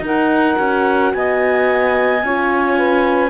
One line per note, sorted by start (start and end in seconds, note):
0.00 0.55 D#4
0.00 0.57 D#4
0.00 1.13 A#4
0.06 1.13 F#5
0.57 1.13 C#4
0.57 2.20 F#4
1.13 2.23 B3
1.13 2.24 D#5
1.13 3.30 G#5
2.23 3.30 C#4
2.23 3.30 F4
2.23 2.77 C#5
2.77 3.30 B4